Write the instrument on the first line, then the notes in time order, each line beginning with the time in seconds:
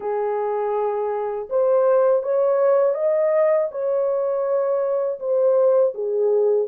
horn
0.00 G#4
1.49 C5
2.22 C#5
2.94 D#5
3.71 C#5
5.19 C5
5.94 G#4